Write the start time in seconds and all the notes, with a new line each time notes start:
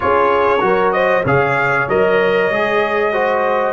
0.00 C#4 F4 G#4 C#5
0.60 F#3 F#4 A#4
0.92 C5 D#5
1.25 C#3 G#4 C#5 F5
1.88 F#3 A#4 D#5
2.50 G#3 G#4
3.12 F#4 C5